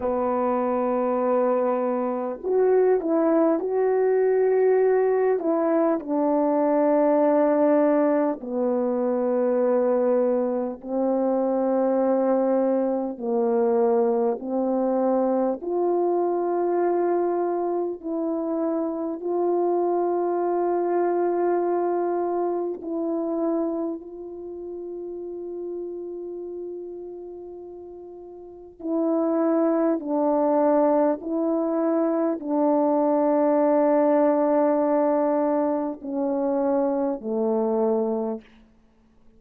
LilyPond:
\new Staff \with { instrumentName = "horn" } { \time 4/4 \tempo 4 = 50 b2 fis'8 e'8 fis'4~ | fis'8 e'8 d'2 b4~ | b4 c'2 ais4 | c'4 f'2 e'4 |
f'2. e'4 | f'1 | e'4 d'4 e'4 d'4~ | d'2 cis'4 a4 | }